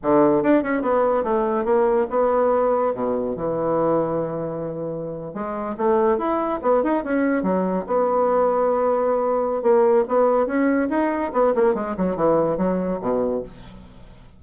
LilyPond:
\new Staff \with { instrumentName = "bassoon" } { \time 4/4 \tempo 4 = 143 d4 d'8 cis'8 b4 a4 | ais4 b2 b,4 | e1~ | e8. gis4 a4 e'4 b16~ |
b16 dis'8 cis'4 fis4 b4~ b16~ | b2. ais4 | b4 cis'4 dis'4 b8 ais8 | gis8 fis8 e4 fis4 b,4 | }